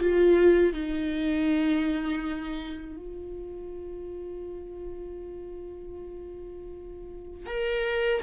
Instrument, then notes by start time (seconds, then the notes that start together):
viola
0.00 F4
0.73 D#4
2.96 F4
7.46 A#4